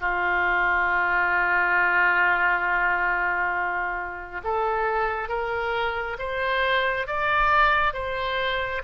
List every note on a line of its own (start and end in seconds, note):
0.00 4.41 F4
4.44 5.28 A4
5.28 6.16 A#4
6.18 7.07 C5
7.07 7.93 D5
7.93 8.82 C5